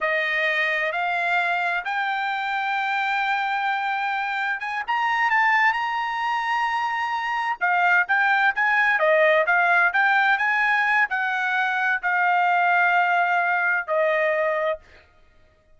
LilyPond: \new Staff \with { instrumentName = "trumpet" } { \time 4/4 \tempo 4 = 130 dis''2 f''2 | g''1~ | g''2 gis''8 ais''4 a''8~ | a''8 ais''2.~ ais''8~ |
ais''8 f''4 g''4 gis''4 dis''8~ | dis''8 f''4 g''4 gis''4. | fis''2 f''2~ | f''2 dis''2 | }